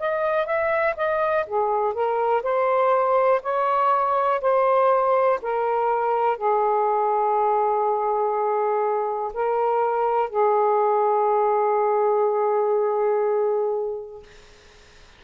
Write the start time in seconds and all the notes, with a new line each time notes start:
0.00 D#5
0.46 E5
0.97 D#5
1.48 G#4
1.94 A#4
2.43 C5
3.43 C#5
4.42 C5
5.43 A#4
6.38 G#4
9.34 A#4
10.30 G#4